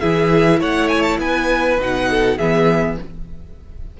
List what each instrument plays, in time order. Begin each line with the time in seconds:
0.00 cello E3, viola E4, violin G#4 E5
0.60 cello A3, violin C#5 F#5
0.89 violin G#5
1.02 violin A5
1.18 cello B3, violin B4 G#5
1.78 cello B2, viola D#4, violin F#5
2.10 violin A4
2.38 cello E3, viola B3, violin G#4 E5